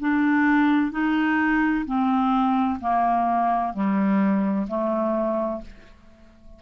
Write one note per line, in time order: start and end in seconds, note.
0.00 0.92 D4
0.92 1.85 D#4
1.86 2.80 C4
2.80 3.74 A#3
3.74 4.67 G3
4.68 5.62 A3